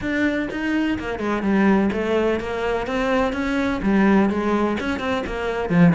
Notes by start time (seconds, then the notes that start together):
0.01 D4
0.50 D#4
0.98 A#3
1.19 G#3
1.42 G3
1.92 A3
2.40 A#3
2.87 C4
3.32 C#4
3.82 G3
4.29 G#3
4.80 C#4
4.99 C4
5.26 A#3
5.69 F3